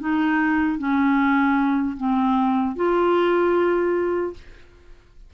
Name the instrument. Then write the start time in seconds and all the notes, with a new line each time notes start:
clarinet
0.00 D#4
0.78 C#4
1.97 C4
2.76 F4